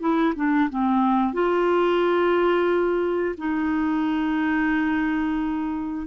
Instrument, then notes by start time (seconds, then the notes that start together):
clarinet
0.00 E4
0.36 D4
0.70 C4
1.33 F4
3.38 D#4